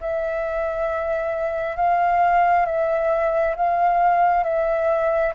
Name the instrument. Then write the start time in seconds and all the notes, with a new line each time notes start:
flute
0.00 E5
1.76 F5
2.65 E5
3.56 F5
4.43 E5